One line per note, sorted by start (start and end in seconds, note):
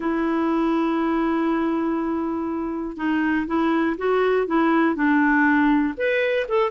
0.00 2.96 E4
2.96 3.46 D#4
3.47 3.96 E4
3.97 4.46 F#4
4.46 4.95 E4
4.95 5.94 D4
5.97 6.46 B4
6.48 6.70 A4